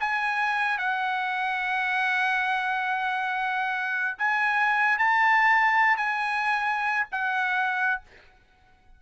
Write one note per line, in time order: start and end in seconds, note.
0.00 0.78 G#5
0.78 4.18 F#5
4.19 4.99 G#5
4.99 5.97 A5
5.97 7.07 G#5
7.11 8.01 F#5